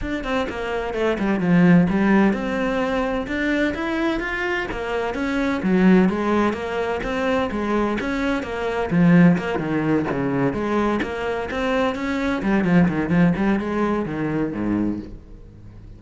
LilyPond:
\new Staff \with { instrumentName = "cello" } { \time 4/4 \tempo 4 = 128 d'8 c'8 ais4 a8 g8 f4 | g4 c'2 d'4 | e'4 f'4 ais4 cis'4 | fis4 gis4 ais4 c'4 |
gis4 cis'4 ais4 f4 | ais8 dis4 cis4 gis4 ais8~ | ais8 c'4 cis'4 g8 f8 dis8 | f8 g8 gis4 dis4 gis,4 | }